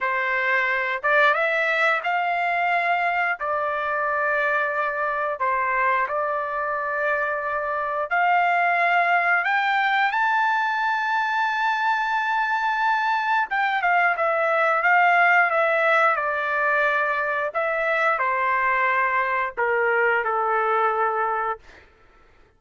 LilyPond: \new Staff \with { instrumentName = "trumpet" } { \time 4/4 \tempo 4 = 89 c''4. d''8 e''4 f''4~ | f''4 d''2. | c''4 d''2. | f''2 g''4 a''4~ |
a''1 | g''8 f''8 e''4 f''4 e''4 | d''2 e''4 c''4~ | c''4 ais'4 a'2 | }